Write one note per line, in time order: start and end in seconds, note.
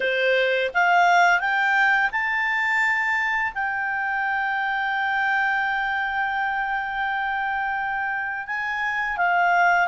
0.00 0.71 C5
0.73 1.40 F5
1.40 2.10 G5
2.11 3.52 A5
3.54 8.46 G5
8.46 9.17 G#5
9.17 9.87 F5